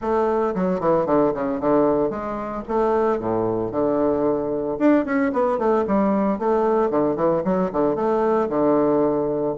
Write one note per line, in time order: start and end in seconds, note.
0.01 0.54 A3
0.54 0.80 F#3
0.80 1.05 E3
1.05 1.32 D3
1.34 1.60 C#3
1.60 2.09 D3
2.09 2.63 G#3
2.68 3.19 A3
3.19 3.71 A2
3.71 4.78 D3
4.78 5.05 D4
5.05 5.31 C#4
5.32 5.58 B3
5.58 5.85 A3
5.87 6.38 G3
6.38 6.90 A3
6.90 7.16 D3
7.16 7.42 E3
7.44 7.70 F#3
7.72 7.95 D3
7.95 8.48 A3
8.49 9.55 D3